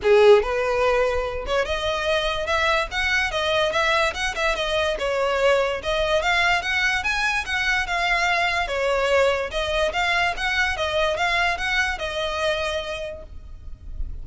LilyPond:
\new Staff \with { instrumentName = "violin" } { \time 4/4 \tempo 4 = 145 gis'4 b'2~ b'8 cis''8 | dis''2 e''4 fis''4 | dis''4 e''4 fis''8 e''8 dis''4 | cis''2 dis''4 f''4 |
fis''4 gis''4 fis''4 f''4~ | f''4 cis''2 dis''4 | f''4 fis''4 dis''4 f''4 | fis''4 dis''2. | }